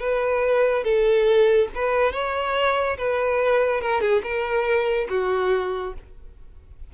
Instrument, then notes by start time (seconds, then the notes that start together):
violin
0.00 B4
0.85 A4
1.75 B4
2.13 C#5
2.98 B4
3.82 A#4
4.01 G#4
4.24 A#4
5.10 F#4